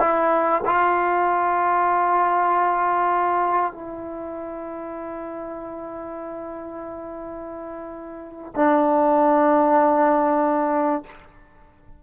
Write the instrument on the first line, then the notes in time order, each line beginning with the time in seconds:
trombone
0.00 E4
0.66 F4
3.73 E4
8.56 D4